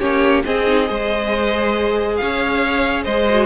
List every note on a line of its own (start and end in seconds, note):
0.00 0.44 A#3
0.00 0.45 C#4
0.00 0.44 G4
0.00 0.43 C#5
0.45 0.67 C4
0.45 0.90 C4
0.45 0.89 G#4
0.45 2.17 D#5
0.67 0.86 D#4
0.86 2.20 G#3
0.86 3.25 G#4
0.86 2.19 C5
2.17 3.06 C#4
2.17 3.04 C#5
2.17 3.04 F5
3.04 3.46 G#3
3.04 3.46 C5
3.04 3.46 D#5
3.30 3.46 F#4